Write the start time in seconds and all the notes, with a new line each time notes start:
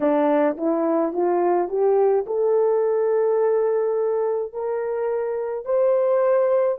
0.00 D4
0.57 E4
1.13 F4
1.68 G4
2.26 A4
4.53 A#4
5.64 C5